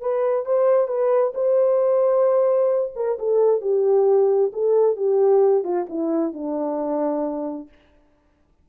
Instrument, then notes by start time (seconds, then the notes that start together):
horn
0.00 B4
0.45 C5
0.88 B4
1.34 C5
2.95 A#4
3.18 A4
3.61 G4
4.52 A4
4.96 G4
5.64 F4
5.89 E4
6.33 D4